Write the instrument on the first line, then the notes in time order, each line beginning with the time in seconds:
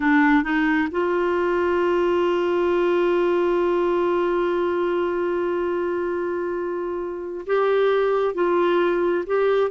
clarinet
0.00 D4
0.43 D#4
0.91 F4
7.46 G4
8.34 F4
9.26 G4